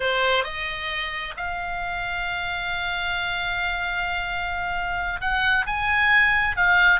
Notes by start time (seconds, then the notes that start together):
0.00 C5
0.43 D#5
1.37 F5
5.21 F#5
5.66 G#5
6.56 F5